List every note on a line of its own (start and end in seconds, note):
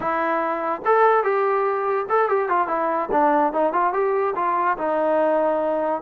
0.00 0.81 E4
0.85 1.23 A4
1.23 2.06 G4
2.09 2.29 A4
2.29 2.48 G4
2.48 2.67 F4
2.67 3.09 E4
3.11 3.52 D4
3.52 3.73 D#4
3.73 3.93 F4
3.93 4.34 G4
4.35 4.77 F4
4.77 6.01 D#4